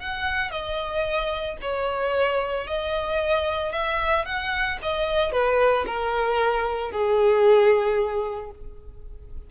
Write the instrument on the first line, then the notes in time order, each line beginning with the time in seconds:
violin
0.00 F#5
0.51 D#5
1.62 C#5
2.67 D#5
3.73 E5
4.26 F#5
4.83 D#5
5.32 B4
5.87 A#4
6.92 G#4